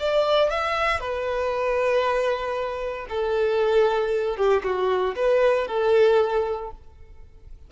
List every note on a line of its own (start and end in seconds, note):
0.00 0.51 D5
0.51 1.01 E5
1.01 3.08 B4
3.10 4.37 A4
4.37 4.63 G4
4.64 5.16 F#4
5.16 5.68 B4
5.68 6.71 A4